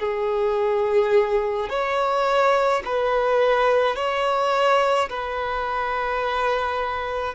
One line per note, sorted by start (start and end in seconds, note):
0.00 1.70 G#4
1.70 2.83 C#5
2.86 3.96 B4
3.96 5.09 C#5
5.10 7.35 B4